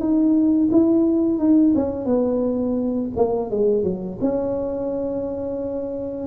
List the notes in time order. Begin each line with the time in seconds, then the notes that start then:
0.00 D#4
0.72 E4
1.39 D#4
1.76 C#4
2.06 B3
3.17 A#3
3.51 G#3
3.84 F#3
4.21 C#4